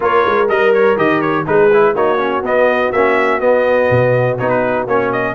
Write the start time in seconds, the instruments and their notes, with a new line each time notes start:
0.00 tuba A#3, trombone F4, horn A#4, trumpet C#5
0.25 tuba G#3
0.48 tuba G3, trombone A#4, trumpet D#5
0.73 trumpet C#5
0.96 tuba D#3, trombone G4, trumpet D#5
1.21 trumpet C#5
1.45 tuba G#3, trombone D#4, horn G#4, trumpet B4
1.73 trombone E4
1.94 tuba A#3, trombone D#4, horn F#4, trumpet C#5
2.18 trombone C#4
2.42 tuba B3, trombone B3, trumpet D#5
2.92 tuba A#3, trombone C#4, trumpet E5
3.40 tuba B3, trombone B3, trumpet D#5
3.90 tuba B2
4.38 tuba B3, trombone D#4, trumpet C#5
4.49 trumpet B4
4.86 tuba A#3, trombone C#4, trumpet C#5
5.12 trumpet D#5